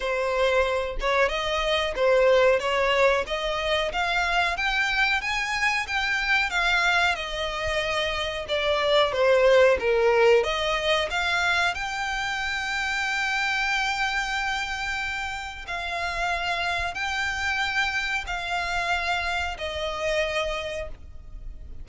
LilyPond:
\new Staff \with { instrumentName = "violin" } { \time 4/4 \tempo 4 = 92 c''4. cis''8 dis''4 c''4 | cis''4 dis''4 f''4 g''4 | gis''4 g''4 f''4 dis''4~ | dis''4 d''4 c''4 ais'4 |
dis''4 f''4 g''2~ | g''1 | f''2 g''2 | f''2 dis''2 | }